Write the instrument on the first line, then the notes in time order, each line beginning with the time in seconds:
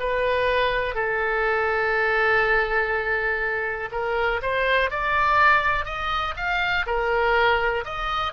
oboe
0.00 B4
0.95 A4
3.92 A#4
4.43 C5
4.91 D5
5.86 D#5
6.37 F5
6.87 A#4
7.85 D#5